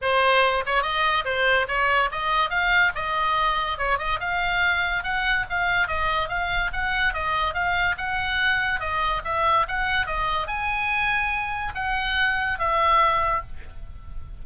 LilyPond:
\new Staff \with { instrumentName = "oboe" } { \time 4/4 \tempo 4 = 143 c''4. cis''8 dis''4 c''4 | cis''4 dis''4 f''4 dis''4~ | dis''4 cis''8 dis''8 f''2 | fis''4 f''4 dis''4 f''4 |
fis''4 dis''4 f''4 fis''4~ | fis''4 dis''4 e''4 fis''4 | dis''4 gis''2. | fis''2 e''2 | }